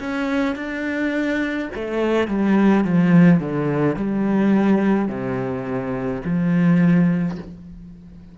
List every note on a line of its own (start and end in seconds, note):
0.00 0.56 C#4
0.56 1.69 D4
1.75 2.28 A3
2.28 2.85 G3
2.85 3.41 F3
3.41 3.96 D3
3.96 5.08 G3
5.08 6.22 C3
6.25 7.38 F3